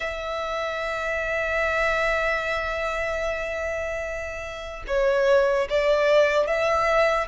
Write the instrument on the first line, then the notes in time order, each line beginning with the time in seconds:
violin
0.00 E5
4.86 C#5
5.69 D5
6.46 E5